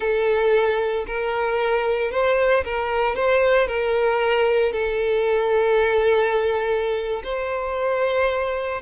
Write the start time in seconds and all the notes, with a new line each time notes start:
0.00 A4
1.06 A#4
2.11 C5
2.65 A#4
3.15 C5
3.67 A#4
4.72 A4
7.23 C5